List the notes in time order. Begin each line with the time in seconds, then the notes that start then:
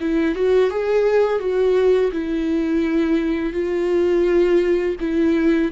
0.00 E4
0.35 F#4
0.70 G#4
1.40 F#4
2.12 E4
3.53 F4
5.00 E4